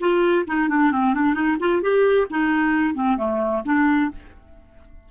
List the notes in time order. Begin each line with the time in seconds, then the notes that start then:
0.00 F4
0.47 D#4
0.69 D4
0.92 C4
1.14 D4
1.34 D#4
1.60 F4
1.82 G4
2.30 D#4
2.95 C4
3.18 A3
3.65 D4